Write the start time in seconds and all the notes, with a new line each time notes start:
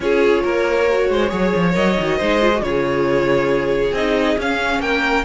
0.00 C#4 F4 G#4 C#5
0.42 A#3 A#4
0.90 F#4
1.09 G#3 C5
1.28 F#3 G#4 C#5
1.54 F3
1.72 F#3 A#4 D#5
1.99 D#3 F#4
2.17 G#3 D#4 C5
2.41 F4
2.54 F#4
2.62 C#3 F4 G#4 C#5
3.92 C4 D#4 D#5
4.38 C#4 F5
4.79 A#3 A#4 G5